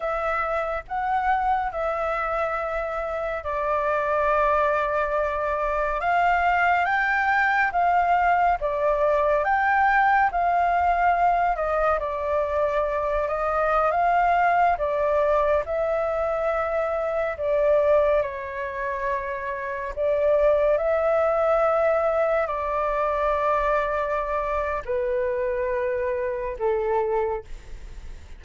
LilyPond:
\new Staff \with { instrumentName = "flute" } { \time 4/4 \tempo 4 = 70 e''4 fis''4 e''2 | d''2. f''4 | g''4 f''4 d''4 g''4 | f''4. dis''8 d''4. dis''8~ |
dis''16 f''4 d''4 e''4.~ e''16~ | e''16 d''4 cis''2 d''8.~ | d''16 e''2 d''4.~ d''16~ | d''4 b'2 a'4 | }